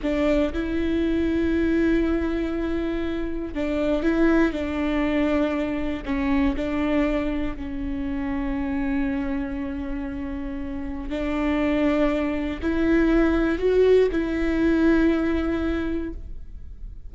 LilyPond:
\new Staff \with { instrumentName = "viola" } { \time 4/4 \tempo 4 = 119 d'4 e'2.~ | e'2. d'4 | e'4 d'2. | cis'4 d'2 cis'4~ |
cis'1~ | cis'2 d'2~ | d'4 e'2 fis'4 | e'1 | }